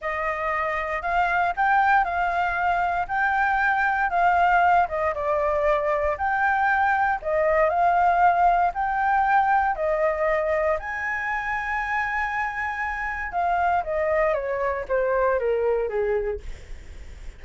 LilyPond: \new Staff \with { instrumentName = "flute" } { \time 4/4 \tempo 4 = 117 dis''2 f''4 g''4 | f''2 g''2 | f''4. dis''8 d''2 | g''2 dis''4 f''4~ |
f''4 g''2 dis''4~ | dis''4 gis''2.~ | gis''2 f''4 dis''4 | cis''4 c''4 ais'4 gis'4 | }